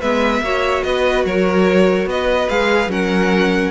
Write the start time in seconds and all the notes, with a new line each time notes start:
0.00 G#3 B3 B4 E5
0.40 A#3 F#4 C#5
0.83 B3 B4 D#5
1.24 F#3 A#4 C#5
2.05 B3 B4 D#5
2.49 G#3 G#4 F5
2.87 F#3 C#4 A#4 F#5